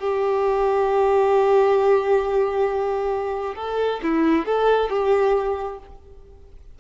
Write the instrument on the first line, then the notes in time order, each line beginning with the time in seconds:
violin
0.00 G4
3.56 A4
4.03 E4
4.46 A4
4.90 G4